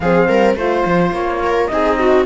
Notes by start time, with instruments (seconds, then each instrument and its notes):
0.00 cello F3, horn C4, viola G#4, flute F5
0.28 cello G3, viola A#4
0.55 cello A3, horn F4, viola C5, flute C5
0.85 cello F3
1.11 cello A#3, flute C#5
1.42 viola A#4
1.67 cello C4, horn D#4, viola G#4, flute D#5
1.98 viola F#4